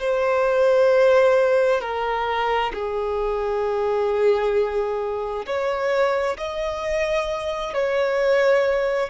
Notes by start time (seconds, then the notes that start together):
0.00 C5
1.81 A#4
2.74 G#4
5.46 C#5
6.38 D#5
7.74 C#5